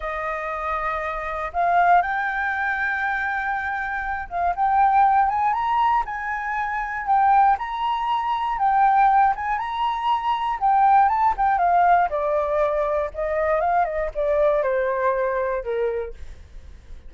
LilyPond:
\new Staff \with { instrumentName = "flute" } { \time 4/4 \tempo 4 = 119 dis''2. f''4 | g''1~ | g''8 f''8 g''4. gis''8 ais''4 | gis''2 g''4 ais''4~ |
ais''4 g''4. gis''8 ais''4~ | ais''4 g''4 a''8 g''8 f''4 | d''2 dis''4 f''8 dis''8 | d''4 c''2 ais'4 | }